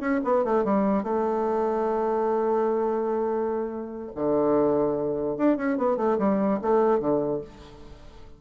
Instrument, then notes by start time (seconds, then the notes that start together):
bassoon
0.00 C#4
0.24 B3
0.44 A3
0.65 G3
1.03 A3
4.15 D3
5.37 D4
5.57 C#4
5.78 B3
5.97 A3
6.18 G3
6.61 A3
7.00 D3